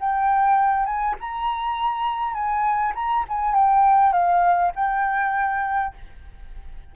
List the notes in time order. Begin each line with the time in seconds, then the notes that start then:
0.00 G5
0.86 G#5
1.20 A#5
2.34 G#5
2.95 A#5
3.29 G#5
3.55 G5
4.13 F5
4.76 G5